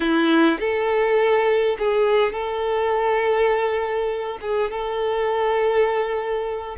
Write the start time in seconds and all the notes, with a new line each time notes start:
0.00 E4
0.59 A4
1.78 G#4
2.32 A4
4.41 G#4
4.70 A4